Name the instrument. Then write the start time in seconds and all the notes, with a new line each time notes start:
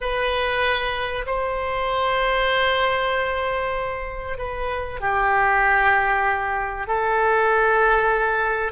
oboe
0.00 B4
1.26 C5
4.38 B4
5.00 G4
6.87 A4